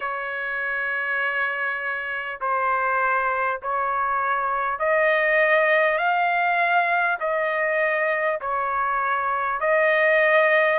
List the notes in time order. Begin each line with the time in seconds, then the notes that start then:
0.00 C#5
2.40 C5
3.62 C#5
4.79 D#5
5.97 F5
7.19 D#5
8.41 C#5
9.60 D#5